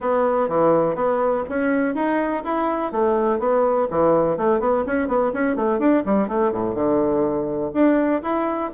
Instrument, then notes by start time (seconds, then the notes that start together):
bassoon
0.00 B3
0.48 E3
0.95 B3
1.49 C#4
1.94 D#4
2.44 E4
2.92 A3
3.39 B3
3.90 E3
4.37 A3
4.60 B3
4.86 C#4
5.07 B3
5.33 C#4
5.56 A3
5.79 D4
6.05 G3
6.27 A3
6.52 A2
6.74 D3
7.73 D4
8.22 E4